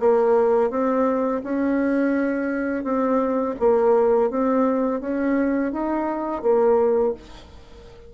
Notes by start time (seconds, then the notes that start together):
0.00 A#3
0.70 C4
1.44 C#4
2.84 C4
3.59 A#3
4.31 C4
5.01 C#4
5.72 D#4
6.43 A#3